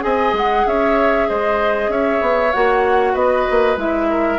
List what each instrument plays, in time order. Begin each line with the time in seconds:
0.00 bassoon C4, clarinet G#4, oboe D#5, flute G#5
0.33 bassoon G#3, flute F#5
0.67 bassoon C#4, oboe C#5, flute E5
1.28 bassoon G#3, oboe C5, flute D#5
1.88 bassoon C#4, oboe C#5, flute E5
2.21 bassoon B3
2.52 bassoon A#3, clarinet F#4, flute F#5
3.13 bassoon B3, oboe B4, flute D#5
3.50 bassoon A#3
3.77 bassoon G#3, clarinet E4, flute E5
4.10 oboe A#4